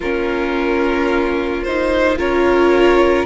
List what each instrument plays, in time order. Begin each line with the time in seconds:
0.00 cello A#3, viola C#4, violin F4 A#4
1.63 viola D#4, violin C5
2.17 cello C#4, viola F4, violin A#4 C#5